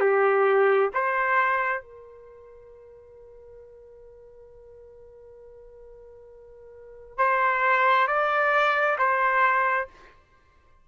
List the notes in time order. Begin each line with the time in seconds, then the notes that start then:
0.00 G4
0.94 C5
1.82 A#4
7.18 C5
8.07 D5
8.98 C5